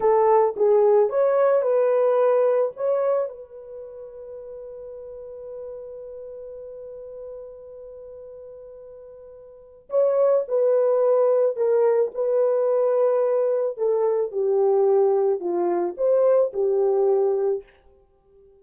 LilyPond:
\new Staff \with { instrumentName = "horn" } { \time 4/4 \tempo 4 = 109 a'4 gis'4 cis''4 b'4~ | b'4 cis''4 b'2~ | b'1~ | b'1~ |
b'2 cis''4 b'4~ | b'4 ais'4 b'2~ | b'4 a'4 g'2 | f'4 c''4 g'2 | }